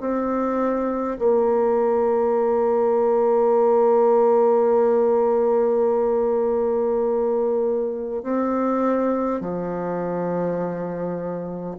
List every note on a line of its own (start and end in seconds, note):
0.00 1.18 C4
1.18 8.23 A#3
8.23 9.41 C4
9.41 11.76 F3